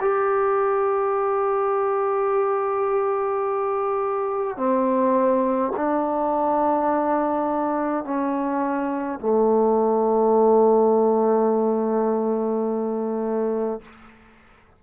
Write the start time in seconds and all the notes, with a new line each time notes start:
0.00 G4
4.57 C4
5.76 D4
8.04 C#4
9.19 A3